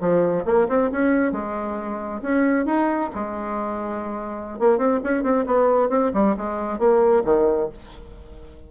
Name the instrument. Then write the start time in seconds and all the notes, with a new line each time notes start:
bassoon
0.00 F3
0.45 A#3
0.68 C4
0.91 C#4
1.32 G#3
2.22 C#4
2.65 D#4
3.14 G#3
4.59 A#3
4.78 C4
5.03 C#4
5.23 C4
5.46 B3
5.89 C4
6.13 G3
6.36 G#3
6.78 A#3
7.24 D#3